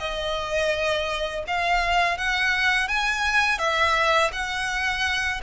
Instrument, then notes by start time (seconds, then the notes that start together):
violin
0.00 D#5
1.47 F5
2.18 F#5
2.88 G#5
3.59 E5
4.33 F#5